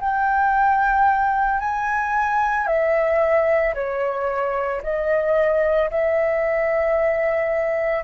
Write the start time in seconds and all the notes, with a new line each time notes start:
0.00 G5
1.60 G#5
2.67 E5
3.75 C#5
4.83 D#5
5.90 E5